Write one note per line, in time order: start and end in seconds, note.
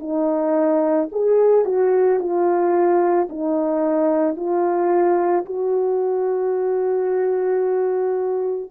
0.00 1.09 D#4
1.13 1.66 G#4
1.66 2.20 F#4
2.20 3.29 F4
3.30 4.36 D#4
4.36 5.45 F4
5.46 8.71 F#4